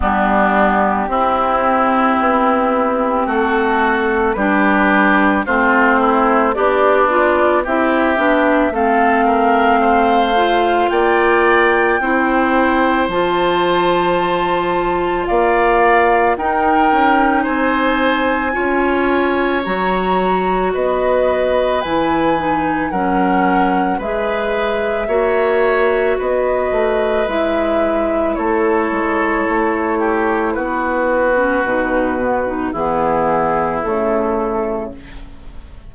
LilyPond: <<
  \new Staff \with { instrumentName = "flute" } { \time 4/4 \tempo 4 = 55 g'2. a'4 | b'4 c''4 d''4 e''4 | f''2 g''2 | a''2 f''4 g''4 |
gis''2 ais''4 dis''4 | gis''4 fis''4 e''2 | dis''4 e''4 cis''2 | b'2 gis'4 a'4 | }
  \new Staff \with { instrumentName = "oboe" } { \time 4/4 d'4 e'2 fis'4 | g'4 f'8 e'8 d'4 g'4 | a'8 ais'8 c''4 d''4 c''4~ | c''2 d''4 ais'4 |
c''4 cis''2 b'4~ | b'4 ais'4 b'4 cis''4 | b'2 a'4. g'8 | fis'2 e'2 | }
  \new Staff \with { instrumentName = "clarinet" } { \time 4/4 b4 c'2. | d'4 c'4 g'8 f'8 e'8 d'8 | c'4. f'4. e'4 | f'2. dis'4~ |
dis'4 f'4 fis'2 | e'8 dis'8 cis'4 gis'4 fis'4~ | fis'4 e'2.~ | e'8. cis'16 dis'8 b16 dis'16 b4 a4 | }
  \new Staff \with { instrumentName = "bassoon" } { \time 4/4 g4 c'4 b4 a4 | g4 a4 b4 c'8 b8 | a2 ais4 c'4 | f2 ais4 dis'8 cis'8 |
c'4 cis'4 fis4 b4 | e4 fis4 gis4 ais4 | b8 a8 gis4 a8 gis8 a4 | b4 b,4 e4 cis4 | }
>>